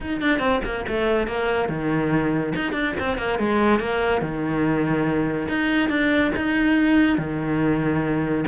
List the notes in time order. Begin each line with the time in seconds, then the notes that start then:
0.00 D#4
0.21 D4
0.39 C4
0.64 A#3
0.88 A3
1.27 A#3
1.68 D#3
2.55 D#4
2.72 D4
2.99 C4
3.17 A#3
3.38 G#3
3.79 A#3
4.21 D#3
5.48 D#4
5.89 D4
6.36 D#4
7.18 D#3